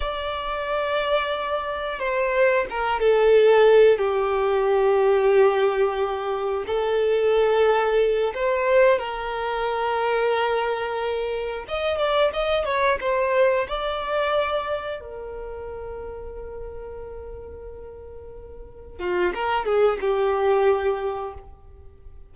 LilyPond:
\new Staff \with { instrumentName = "violin" } { \time 4/4 \tempo 4 = 90 d''2. c''4 | ais'8 a'4. g'2~ | g'2 a'2~ | a'8 c''4 ais'2~ ais'8~ |
ais'4. dis''8 d''8 dis''8 cis''8 c''8~ | c''8 d''2 ais'4.~ | ais'1~ | ais'8 f'8 ais'8 gis'8 g'2 | }